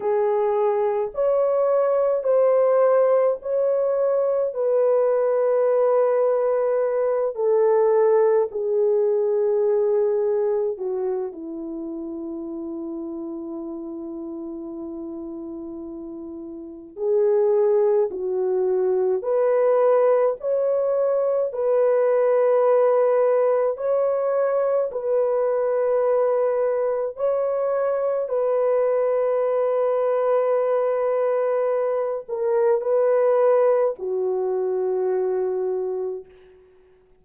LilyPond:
\new Staff \with { instrumentName = "horn" } { \time 4/4 \tempo 4 = 53 gis'4 cis''4 c''4 cis''4 | b'2~ b'8 a'4 gis'8~ | gis'4. fis'8 e'2~ | e'2. gis'4 |
fis'4 b'4 cis''4 b'4~ | b'4 cis''4 b'2 | cis''4 b'2.~ | b'8 ais'8 b'4 fis'2 | }